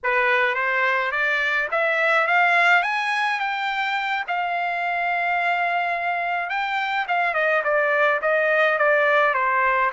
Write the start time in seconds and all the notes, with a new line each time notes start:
0.03 B4
0.55 C5
1.11 D5
1.71 E5
2.27 F5
2.83 G#5
3.39 G5
4.27 F5
6.49 G5
7.08 F5
7.34 D#5
7.63 D5
8.21 D#5
8.78 D5
9.34 C5